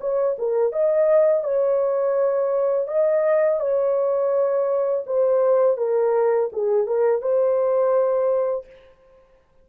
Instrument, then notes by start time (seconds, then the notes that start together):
horn
0.00 C#5
0.38 A#4
0.72 D#5
1.43 C#5
2.88 D#5
3.60 C#5
5.06 C5
5.77 A#4
6.52 G#4
6.87 A#4
7.21 C5